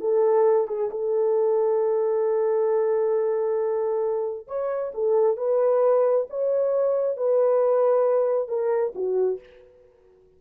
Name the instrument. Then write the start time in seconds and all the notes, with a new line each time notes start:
horn
0.00 A4
0.67 G#4
0.90 A4
4.47 C#5
4.94 A4
5.37 B4
6.29 C#5
7.17 B4
8.48 A#4
8.95 F#4